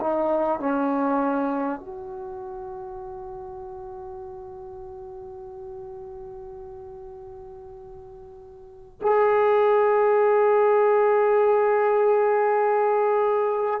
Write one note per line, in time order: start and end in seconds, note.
0.00 0.59 D#4
0.59 1.79 C#4
1.79 8.99 F#4
9.01 13.80 G#4